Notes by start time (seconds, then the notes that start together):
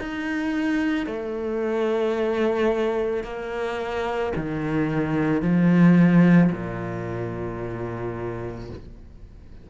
0.00 D#4
1.07 A3
3.24 A#3
4.36 D#3
5.42 F3
6.52 A#2